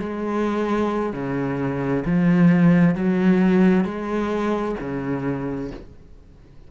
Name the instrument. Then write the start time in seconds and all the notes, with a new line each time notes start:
cello
0.00 G#3
1.14 C#3
2.06 F3
2.96 F#3
3.85 G#3
4.81 C#3